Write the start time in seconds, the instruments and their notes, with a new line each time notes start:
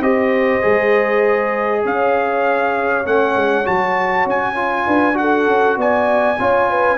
0.00 tuba C4, trombone G4, horn C5, trumpet D#5
0.61 tuba G#3, trombone G#4
1.83 tuba C#4, horn C#5, trumpet F5
3.05 tuba A3, trombone C#4, trumpet F#5
3.36 tuba G#3
3.65 tuba F#3, trombone F#4, trumpet A5
4.26 tuba C#4, trumpet G#5
4.55 trombone F4
4.86 tuba D4, horn B4
5.14 trombone F#4, trumpet F#5
5.20 horn A4
5.47 tuba C#4
5.77 tuba B3, horn D5, trumpet G#5
6.39 tuba C#4, trombone F4, horn C#5
6.70 horn B4